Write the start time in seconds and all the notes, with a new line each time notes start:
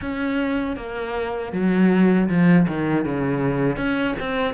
0.01 C#4
0.76 A#3
1.52 F#3
2.28 F3
2.67 D#3
3.04 C#3
3.77 C#4
4.19 C4